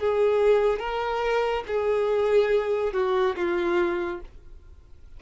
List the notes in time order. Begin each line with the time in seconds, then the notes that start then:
0.00 G#4
0.80 A#4
1.67 G#4
2.94 F#4
3.36 F4